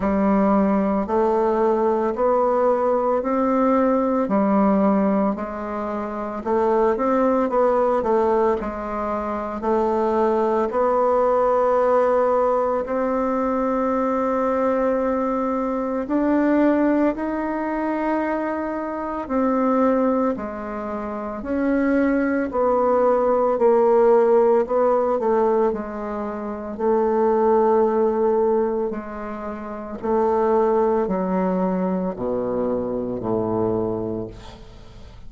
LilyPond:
\new Staff \with { instrumentName = "bassoon" } { \time 4/4 \tempo 4 = 56 g4 a4 b4 c'4 | g4 gis4 a8 c'8 b8 a8 | gis4 a4 b2 | c'2. d'4 |
dis'2 c'4 gis4 | cis'4 b4 ais4 b8 a8 | gis4 a2 gis4 | a4 fis4 b,4 a,4 | }